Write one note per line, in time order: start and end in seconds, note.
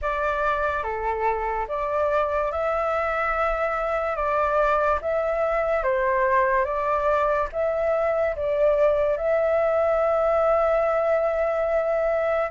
0.01 0.83 D5
0.83 1.66 A4
1.68 2.51 D5
2.51 4.16 E5
4.16 4.99 D5
5.02 5.83 E5
5.83 6.64 C5
6.64 7.48 D5
7.52 8.35 E5
8.36 9.17 D5
9.17 12.50 E5